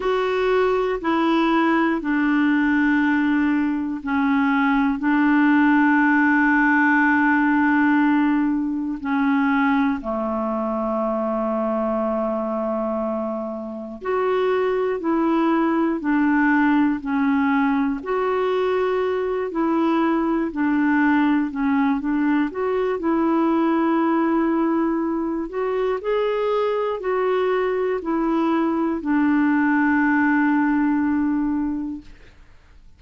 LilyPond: \new Staff \with { instrumentName = "clarinet" } { \time 4/4 \tempo 4 = 60 fis'4 e'4 d'2 | cis'4 d'2.~ | d'4 cis'4 a2~ | a2 fis'4 e'4 |
d'4 cis'4 fis'4. e'8~ | e'8 d'4 cis'8 d'8 fis'8 e'4~ | e'4. fis'8 gis'4 fis'4 | e'4 d'2. | }